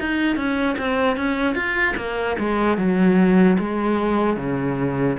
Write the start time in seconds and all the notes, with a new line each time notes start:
0.00 D#4
0.36 C#4
0.79 C4
1.17 C#4
1.56 F4
1.97 A#3
2.39 G#3
2.78 F#3
3.59 G#3
4.37 C#3